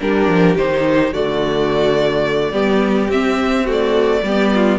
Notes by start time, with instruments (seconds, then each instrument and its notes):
0.00 cello G3, viola D4, violin G4 A#4
0.28 cello F3
0.56 cello D#3, viola D#4, violin C5
1.12 cello D3, viola A3, violin F#4 D5
2.52 cello G3, viola B3, violin G4
3.08 cello C4, viola C4, violin E5
3.64 viola A3, violin F#4
3.72 violin D5
4.23 cello G3, viola B3, violin G4
4.55 violin F4